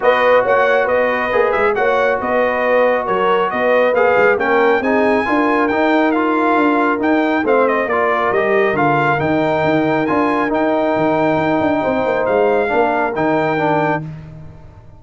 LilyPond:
<<
  \new Staff \with { instrumentName = "trumpet" } { \time 4/4 \tempo 4 = 137 dis''4 fis''4 dis''4. e''8 | fis''4 dis''2 cis''4 | dis''4 f''4 g''4 gis''4~ | gis''4 g''4 f''2 |
g''4 f''8 dis''8 d''4 dis''4 | f''4 g''2 gis''4 | g''1 | f''2 g''2 | }
  \new Staff \with { instrumentName = "horn" } { \time 4/4 b'4 cis''4 b'2 | cis''4 b'2 ais'4 | b'2 ais'4 gis'4 | ais'1~ |
ais'4 c''4 ais'2~ | ais'1~ | ais'2. c''4~ | c''4 ais'2. | }
  \new Staff \with { instrumentName = "trombone" } { \time 4/4 fis'2. gis'4 | fis'1~ | fis'4 gis'4 cis'4 dis'4 | f'4 dis'4 f'2 |
dis'4 c'4 f'4 g'4 | f'4 dis'2 f'4 | dis'1~ | dis'4 d'4 dis'4 d'4 | }
  \new Staff \with { instrumentName = "tuba" } { \time 4/4 b4 ais4 b4 ais8 gis8 | ais4 b2 fis4 | b4 ais8 gis8 ais4 c'4 | d'4 dis'2 d'4 |
dis'4 a4 ais4 g4 | d4 dis4 dis'4 d'4 | dis'4 dis4 dis'8 d'8 c'8 ais8 | gis4 ais4 dis2 | }
>>